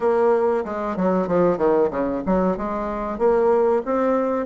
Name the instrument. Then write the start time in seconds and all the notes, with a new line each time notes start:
bassoon
0.00 A#3
0.64 G#3
0.96 F#3
1.27 F3
1.57 D#3
1.90 C#3
2.26 F#3
2.57 G#3
3.18 A#3
3.85 C4